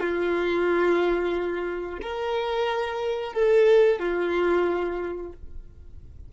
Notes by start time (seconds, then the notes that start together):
0.00 F4
2.02 A#4
3.33 A4
3.99 F4